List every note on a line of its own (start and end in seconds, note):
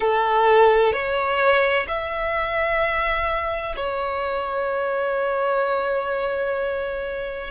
0.00 0.92 A4
0.92 1.86 C#5
1.87 3.75 E5
3.76 7.50 C#5